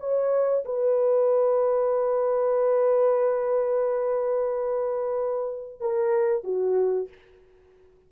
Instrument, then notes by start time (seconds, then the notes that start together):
horn
0.00 C#5
0.65 B4
5.81 A#4
6.44 F#4